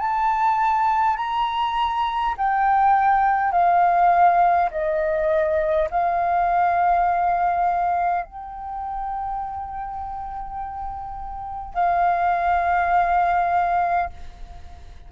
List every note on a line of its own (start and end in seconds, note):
0.00 1.17 A5
1.17 2.35 A#5
2.37 3.52 G5
3.52 4.70 F5
4.71 5.89 D#5
5.91 8.25 F5
8.25 11.74 G5
11.74 14.10 F5